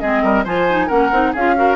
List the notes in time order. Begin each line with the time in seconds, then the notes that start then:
0.00 G#3 C4 G#4 D#5
0.23 G3 A#4
0.44 F3 F4 C5 G#5
0.69 D#4
0.87 A#3 C#4 A#4 F#5
1.12 C4 D#4
1.33 C#4 F4 G#4 F5
1.56 F#4 A#4